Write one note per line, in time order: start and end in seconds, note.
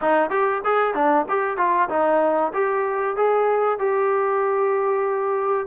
0.01 0.30 D#4
0.30 0.61 G4
0.64 0.94 G#4
0.94 1.25 D4
1.28 1.57 G4
1.57 1.89 F4
1.89 2.52 D#4
2.53 3.16 G4
3.16 3.79 G#4
3.79 5.67 G4